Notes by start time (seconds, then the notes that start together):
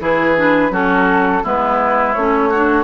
0.00 E3 E4 G#4 B4
0.37 D4
0.71 F#3 C#4 F#4 A4
1.44 G#3 B3 E4 B4
2.14 A3 C#4 C#5
2.50 D4 F#4